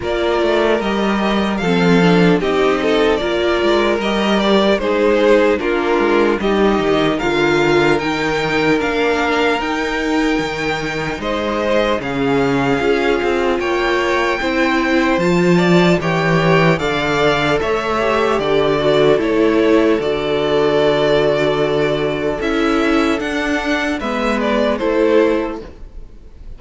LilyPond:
<<
  \new Staff \with { instrumentName = "violin" } { \time 4/4 \tempo 4 = 75 d''4 dis''4 f''4 dis''4 | d''4 dis''8 d''8 c''4 ais'4 | dis''4 f''4 g''4 f''4 | g''2 dis''4 f''4~ |
f''4 g''2 a''4 | g''4 f''4 e''4 d''4 | cis''4 d''2. | e''4 fis''4 e''8 d''8 c''4 | }
  \new Staff \with { instrumentName = "violin" } { \time 4/4 ais'2 a'4 g'8 a'8 | ais'2 gis'4 f'4 | g'4 ais'2.~ | ais'2 c''4 gis'4~ |
gis'4 cis''4 c''4. d''8 | cis''4 d''4 cis''4 a'4~ | a'1~ | a'2 b'4 a'4 | }
  \new Staff \with { instrumentName = "viola" } { \time 4/4 f'4 g'4 c'8 d'8 dis'4 | f'4 g'4 dis'4 d'4 | dis'4 f'4 dis'4 d'4 | dis'2. cis'4 |
f'2 e'4 f'4 | g'4 a'4. g'4 fis'8 | e'4 fis'2. | e'4 d'4 b4 e'4 | }
  \new Staff \with { instrumentName = "cello" } { \time 4/4 ais8 a8 g4 f4 c'4 | ais8 gis8 g4 gis4 ais8 gis8 | g8 dis8 d4 dis4 ais4 | dis'4 dis4 gis4 cis4 |
cis'8 c'8 ais4 c'4 f4 | e4 d4 a4 d4 | a4 d2. | cis'4 d'4 gis4 a4 | }
>>